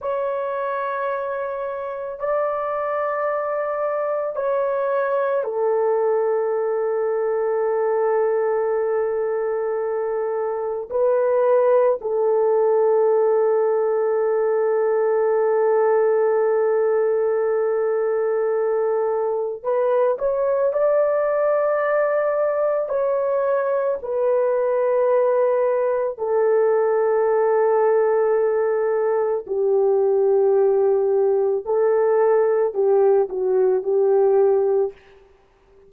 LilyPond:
\new Staff \with { instrumentName = "horn" } { \time 4/4 \tempo 4 = 55 cis''2 d''2 | cis''4 a'2.~ | a'2 b'4 a'4~ | a'1~ |
a'2 b'8 cis''8 d''4~ | d''4 cis''4 b'2 | a'2. g'4~ | g'4 a'4 g'8 fis'8 g'4 | }